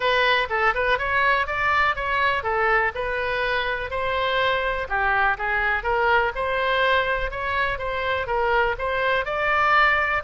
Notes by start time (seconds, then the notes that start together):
0.00 B4
0.49 A4
0.74 B4
0.98 C#5
1.47 D5
1.95 C#5
2.43 A4
2.94 B4
3.90 C5
4.88 G4
5.37 G#4
5.83 A#4
6.35 C5
7.31 C#5
7.78 C5
8.27 A#4
8.78 C5
9.25 D5